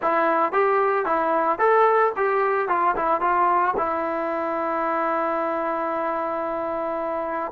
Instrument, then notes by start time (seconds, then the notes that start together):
trombone
0.01 E4
0.52 G4
1.05 E4
1.59 A4
2.16 G4
2.68 F4
2.95 E4
3.20 F4
3.77 E4